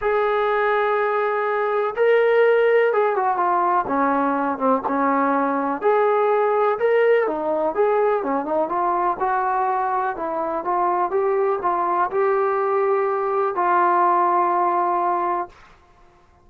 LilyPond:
\new Staff \with { instrumentName = "trombone" } { \time 4/4 \tempo 4 = 124 gis'1 | ais'2 gis'8 fis'8 f'4 | cis'4. c'8 cis'2 | gis'2 ais'4 dis'4 |
gis'4 cis'8 dis'8 f'4 fis'4~ | fis'4 e'4 f'4 g'4 | f'4 g'2. | f'1 | }